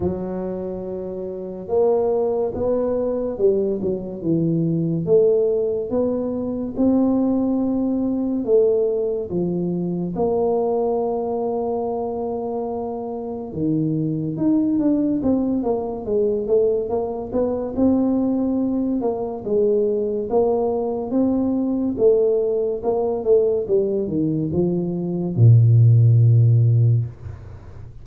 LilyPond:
\new Staff \with { instrumentName = "tuba" } { \time 4/4 \tempo 4 = 71 fis2 ais4 b4 | g8 fis8 e4 a4 b4 | c'2 a4 f4 | ais1 |
dis4 dis'8 d'8 c'8 ais8 gis8 a8 | ais8 b8 c'4. ais8 gis4 | ais4 c'4 a4 ais8 a8 | g8 dis8 f4 ais,2 | }